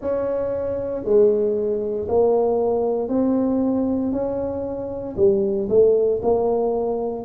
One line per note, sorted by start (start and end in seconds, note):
0.00 1.04 C#4
1.04 2.07 G#3
2.08 3.08 A#3
3.08 4.11 C4
4.11 5.15 C#4
5.16 5.68 G3
5.69 6.21 A3
6.22 7.25 A#3